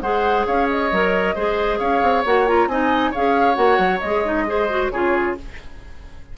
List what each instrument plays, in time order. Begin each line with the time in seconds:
0.00 bassoon G#3, clarinet G#4, oboe C5, flute F#5
0.46 bassoon C#4, oboe C#5, flute F5
0.69 flute D#5
0.91 bassoon F#3, clarinet A#4
1.35 bassoon G#3, clarinet G#4, oboe C5
1.78 bassoon C#4, oboe C#5, flute F5
2.02 bassoon C4
2.25 bassoon A#3, clarinet F#4, flute F#5
2.47 clarinet F4, flute A#5
2.66 bassoon C4, clarinet D#4, oboe D#5, flute G#5
3.11 bassoon C#4, clarinet G#4, oboe C#5, flute F5
3.54 bassoon A#3, clarinet F#4, flute F#5
3.78 bassoon F#3
3.99 bassoon G#3, flute D#5
4.05 clarinet G#4
4.24 clarinet D#4
4.46 clarinet G#4, oboe C5
4.69 clarinet F#4
4.90 bassoon C#3, clarinet F4, oboe G#4, flute C#5